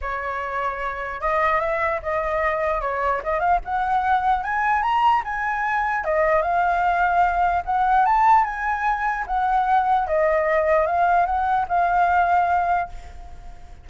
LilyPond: \new Staff \with { instrumentName = "flute" } { \time 4/4 \tempo 4 = 149 cis''2. dis''4 | e''4 dis''2 cis''4 | dis''8 f''8 fis''2 gis''4 | ais''4 gis''2 dis''4 |
f''2. fis''4 | a''4 gis''2 fis''4~ | fis''4 dis''2 f''4 | fis''4 f''2. | }